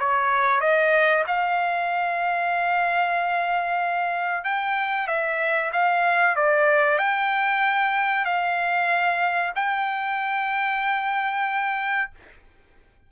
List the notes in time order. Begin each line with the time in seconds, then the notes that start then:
0.00 C#5
0.61 D#5
1.27 F5
4.44 G5
5.08 E5
5.73 F5
6.36 D5
6.99 G5
8.25 F5
9.56 G5